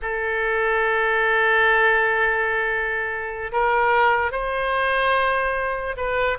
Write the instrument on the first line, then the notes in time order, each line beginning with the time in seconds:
oboe
0.02 A4
3.52 A#4
4.31 C5
5.97 B4